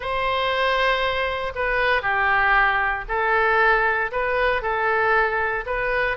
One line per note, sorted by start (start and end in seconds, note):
0.00 1.52 C5
1.55 2.02 B4
2.02 3.04 G4
3.08 4.11 A4
4.11 4.62 B4
4.62 5.64 A4
5.65 6.17 B4